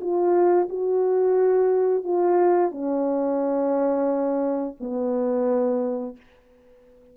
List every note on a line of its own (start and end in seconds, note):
0.00 0.68 F4
0.68 2.04 F#4
2.04 2.71 F4
2.71 4.75 C#4
4.80 6.16 B3